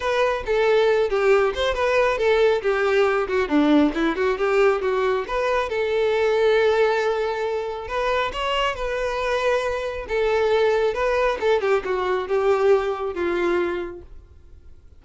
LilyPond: \new Staff \with { instrumentName = "violin" } { \time 4/4 \tempo 4 = 137 b'4 a'4. g'4 c''8 | b'4 a'4 g'4. fis'8 | d'4 e'8 fis'8 g'4 fis'4 | b'4 a'2.~ |
a'2 b'4 cis''4 | b'2. a'4~ | a'4 b'4 a'8 g'8 fis'4 | g'2 f'2 | }